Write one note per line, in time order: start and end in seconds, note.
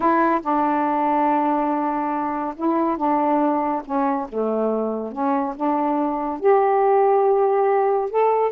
0.00 0.40 E4
0.41 2.54 D4
2.56 2.97 E4
2.97 3.82 D4
3.85 4.27 C#4
4.28 5.11 A3
5.11 5.54 C#4
5.55 6.40 D4
6.40 8.10 G4
8.10 8.51 A4